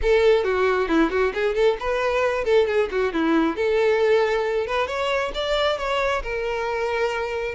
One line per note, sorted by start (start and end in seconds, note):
0.01 0.44 A4
0.44 0.88 F#4
0.88 1.10 E4
1.10 1.32 F#4
1.34 1.54 G#4
1.54 1.77 A4
1.79 2.44 B4
2.44 2.66 A4
2.67 2.89 G#4
2.91 3.12 F#4
3.12 3.56 E4
3.56 4.66 A4
4.66 4.87 B4
4.87 5.31 C#5
5.34 5.77 D5
5.77 6.22 C#5
6.22 7.55 A#4